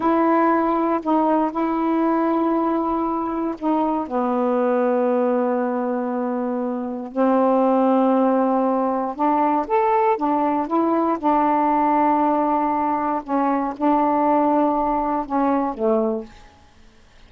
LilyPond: \new Staff \with { instrumentName = "saxophone" } { \time 4/4 \tempo 4 = 118 e'2 dis'4 e'4~ | e'2. dis'4 | b1~ | b2 c'2~ |
c'2 d'4 a'4 | d'4 e'4 d'2~ | d'2 cis'4 d'4~ | d'2 cis'4 a4 | }